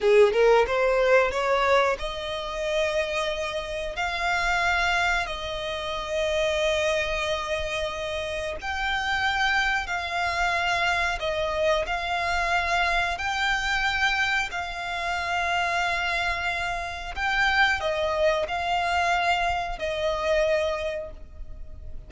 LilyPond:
\new Staff \with { instrumentName = "violin" } { \time 4/4 \tempo 4 = 91 gis'8 ais'8 c''4 cis''4 dis''4~ | dis''2 f''2 | dis''1~ | dis''4 g''2 f''4~ |
f''4 dis''4 f''2 | g''2 f''2~ | f''2 g''4 dis''4 | f''2 dis''2 | }